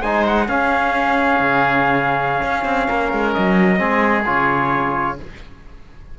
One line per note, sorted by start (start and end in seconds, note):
0.00 0.48 G#3
0.00 0.48 D#4
0.00 0.46 C5
0.00 0.25 G#5
0.27 0.49 F#5
0.47 3.77 C#4
0.47 1.40 C#4
0.47 2.87 G#4
0.47 3.33 F5
1.40 2.43 C#3
2.43 2.65 C#4
2.65 2.87 C4
2.88 3.13 A#3
2.88 3.79 A#4
3.13 3.36 G#3
3.33 3.80 F#3
3.33 4.25 D#5
3.77 4.26 G#3
3.77 4.23 C4
3.77 5.17 G#4
4.26 5.19 C#3
4.26 5.17 F4
4.26 5.19 C#5